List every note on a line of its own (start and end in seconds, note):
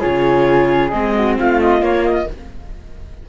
0.00 0.93 C#3
0.00 0.91 F4
0.00 1.13 G#4
0.00 0.90 C#5
0.90 1.38 G#3
0.90 1.80 C4
0.90 1.35 D#5
1.14 1.37 F#4
1.39 1.81 A3
1.39 2.29 F4
1.39 1.61 F5
1.61 1.83 D#5
1.80 2.25 A#3
1.80 2.27 A#3
1.80 2.05 C#5
2.05 2.28 D#5